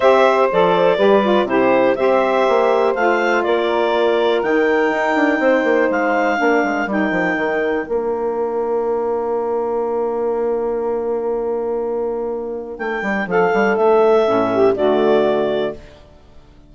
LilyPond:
<<
  \new Staff \with { instrumentName = "clarinet" } { \time 4/4 \tempo 4 = 122 e''4 d''2 c''4 | e''2 f''4 d''4~ | d''4 g''2. | f''2 g''2 |
f''1~ | f''1~ | f''2 g''4 f''4 | e''2 d''2 | }
  \new Staff \with { instrumentName = "saxophone" } { \time 4/4 c''2 b'4 g'4 | c''2. ais'4~ | ais'2. c''4~ | c''4 ais'2.~ |
ais'1~ | ais'1~ | ais'2. a'4~ | a'4. g'8 fis'2 | }
  \new Staff \with { instrumentName = "saxophone" } { \time 4/4 g'4 a'4 g'8 f'8 e'4 | g'2 f'2~ | f'4 dis'2.~ | dis'4 d'4 dis'2 |
d'1~ | d'1~ | d'1~ | d'4 cis'4 a2 | }
  \new Staff \with { instrumentName = "bassoon" } { \time 4/4 c'4 f4 g4 c4 | c'4 ais4 a4 ais4~ | ais4 dis4 dis'8 d'8 c'8 ais8 | gis4 ais8 gis8 g8 f8 dis4 |
ais1~ | ais1~ | ais2 a8 g8 f8 g8 | a4 a,4 d2 | }
>>